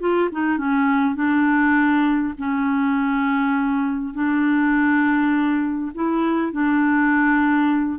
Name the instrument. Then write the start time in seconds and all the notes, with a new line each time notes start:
clarinet
0.00 F4
0.32 D#4
0.58 C#4
1.15 D4
2.38 C#4
4.14 D4
5.95 E4
6.53 D4